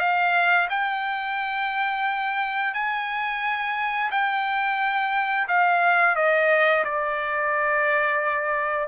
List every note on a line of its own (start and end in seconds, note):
0.00 0.68 F5
0.70 2.74 G5
2.74 4.11 G#5
4.11 5.48 G5
5.48 6.16 F5
6.16 6.84 D#5
6.85 8.89 D5